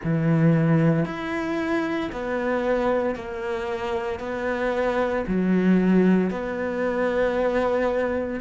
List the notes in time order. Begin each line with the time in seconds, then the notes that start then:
0.03 E3
1.05 E4
2.11 B3
3.15 A#3
4.19 B3
5.27 F#3
6.30 B3